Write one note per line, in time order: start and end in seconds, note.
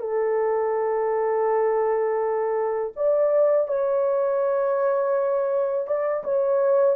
0.00 2.93 A4
2.96 3.68 D5
3.68 5.87 C#5
5.87 6.24 D5
6.24 6.96 C#5